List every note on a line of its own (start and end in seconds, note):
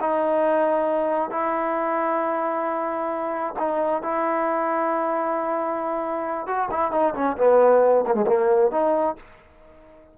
0.00 1.30 D#4
1.30 3.54 E4
3.58 4.02 D#4
4.02 6.46 E4
6.46 6.69 F#4
6.70 6.91 E4
6.91 7.14 D#4
7.14 7.36 C#4
7.37 8.04 B3
8.06 8.14 A#3
8.14 8.25 G#3
8.27 8.71 A#3
8.71 9.15 D#4